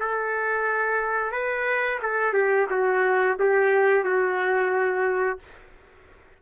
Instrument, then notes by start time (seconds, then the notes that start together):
trumpet
0.00 A4
1.32 B4
2.03 A4
2.34 G4
2.70 F#4
3.40 G4
4.04 F#4